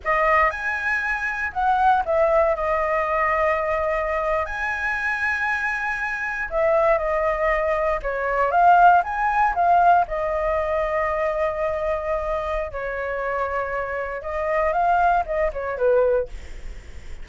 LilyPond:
\new Staff \with { instrumentName = "flute" } { \time 4/4 \tempo 4 = 118 dis''4 gis''2 fis''4 | e''4 dis''2.~ | dis''8. gis''2.~ gis''16~ | gis''8. e''4 dis''2 cis''16~ |
cis''8. f''4 gis''4 f''4 dis''16~ | dis''1~ | dis''4 cis''2. | dis''4 f''4 dis''8 cis''8 b'4 | }